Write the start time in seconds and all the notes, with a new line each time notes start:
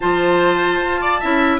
0.00 F3 F4 C5 A5
0.80 F4
1.01 D5
1.19 C#4 E4 E5